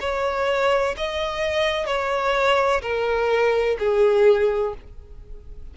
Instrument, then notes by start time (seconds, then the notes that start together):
violin
0.00 C#5
0.97 D#5
1.86 C#5
2.82 A#4
3.79 G#4